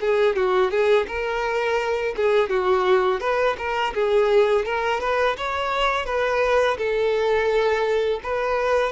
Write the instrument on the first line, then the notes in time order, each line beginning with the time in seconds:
violin
0.00 G#4
0.36 F#4
0.70 G#4
1.07 A#4
2.16 G#4
2.49 F#4
3.20 B4
3.57 A#4
3.94 G#4
4.65 A#4
5.00 B4
5.37 C#5
6.05 B4
6.77 A4
8.23 B4